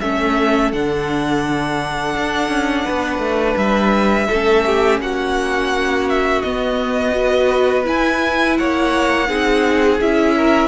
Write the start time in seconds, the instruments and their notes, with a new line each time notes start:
0.00 cello A3, viola C#4, violin A4 E5
0.73 cello D3, viola D4, violin F#5
2.17 cello D4
2.49 cello C#4
2.85 cello B3, violin B4
3.19 cello A3
3.57 cello G3, violin E5
4.29 cello A3, viola C#4, violin A4
4.66 violin G4
5.00 cello A#3, violin F#4 F#5
6.10 violin E5
6.42 cello B3, viola B3, violin D#5
7.12 viola F#4, violin B4
7.84 viola E4, cello E4, violin G#5
8.58 cello A#3, violin C#5 F#5
9.28 cello C4, viola D#4, violin G#4
10.01 cello C#4, viola E4, violin E5
10.37 violin A#4